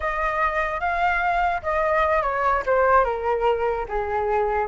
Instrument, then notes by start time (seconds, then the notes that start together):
flute
0.00 D#5
0.80 F5
1.62 D#5
2.22 C#5
2.65 C5
3.04 A#4
3.88 G#4